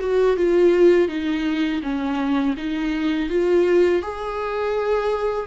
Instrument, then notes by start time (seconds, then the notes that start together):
viola
0.00 F#4
0.37 F4
1.08 D#4
1.82 C#4
2.57 D#4
3.29 F4
4.02 G#4